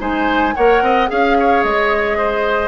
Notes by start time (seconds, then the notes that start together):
0.00 G#3 D#4 C5 G#5
0.56 A#3 A#4 C#5 F#5
0.82 C4 D#5
1.08 C#4 G#4 F5
1.40 C#5
1.64 G#3 D#5
2.18 C5